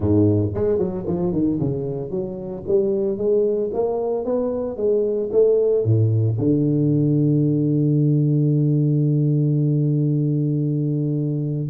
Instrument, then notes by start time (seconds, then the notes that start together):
tuba
0.00 G#2
0.54 G#3
0.78 F#3
1.06 F3
1.32 D#3
1.59 C#3
2.10 F#3
2.67 G3
3.17 G#3
3.73 A#3
4.24 B3
4.76 G#3
5.32 A3
5.84 A2
6.38 D3